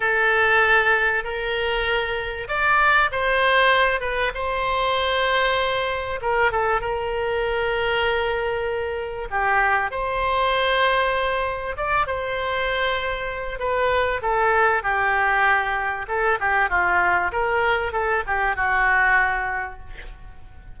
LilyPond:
\new Staff \with { instrumentName = "oboe" } { \time 4/4 \tempo 4 = 97 a'2 ais'2 | d''4 c''4. b'8 c''4~ | c''2 ais'8 a'8 ais'4~ | ais'2. g'4 |
c''2. d''8 c''8~ | c''2 b'4 a'4 | g'2 a'8 g'8 f'4 | ais'4 a'8 g'8 fis'2 | }